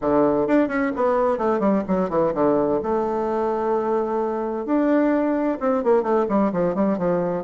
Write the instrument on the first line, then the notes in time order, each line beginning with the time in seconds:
bassoon
0.01 D3
0.47 D4
0.67 C#4
0.96 B3
1.38 A3
1.59 G3
1.87 F#3
2.09 E3
2.34 D3
2.82 A3
4.65 D4
5.60 C4
5.83 A#3
6.03 A3
6.29 G3
6.52 F3
6.74 G3
6.98 F3